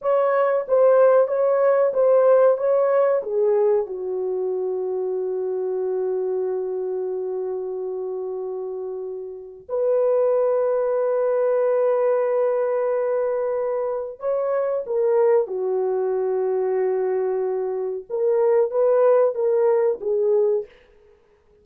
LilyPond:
\new Staff \with { instrumentName = "horn" } { \time 4/4 \tempo 4 = 93 cis''4 c''4 cis''4 c''4 | cis''4 gis'4 fis'2~ | fis'1~ | fis'2. b'4~ |
b'1~ | b'2 cis''4 ais'4 | fis'1 | ais'4 b'4 ais'4 gis'4 | }